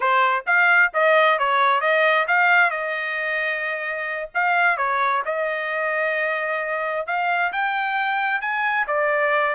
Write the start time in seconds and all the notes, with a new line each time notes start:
0.00 C5
0.46 F5
0.93 D#5
1.38 C#5
1.81 D#5
2.27 F5
2.70 D#5
4.34 F5
4.77 C#5
5.25 D#5
7.06 F5
7.52 G5
8.41 G#5
8.87 D5